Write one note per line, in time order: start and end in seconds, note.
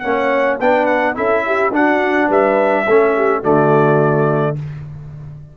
0.00 0.61 A#3
0.00 0.60 C#4
0.00 0.60 C#5
0.00 0.57 F#5
0.60 1.18 B3
0.60 1.15 D4
0.60 1.17 B4
0.60 0.86 G5
0.86 1.15 F#5
1.15 1.72 C#4
1.15 1.72 E4
1.15 1.45 A4
1.15 1.74 E5
1.47 1.75 G4
1.72 2.29 D4
1.72 2.86 D4
1.72 2.28 F#4
1.72 2.31 F#5
2.28 2.86 G3
2.28 2.85 B4
2.28 3.44 E5
2.86 3.44 A3
2.86 3.43 C#4
2.86 3.14 A4
3.17 3.40 G4
3.40 4.57 D3
3.40 4.56 A3
3.40 4.54 F#4
3.40 4.58 D5